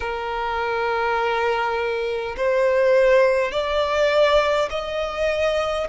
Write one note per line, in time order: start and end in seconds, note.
0.00 2.35 A#4
2.36 3.51 C5
3.51 4.69 D5
4.70 5.87 D#5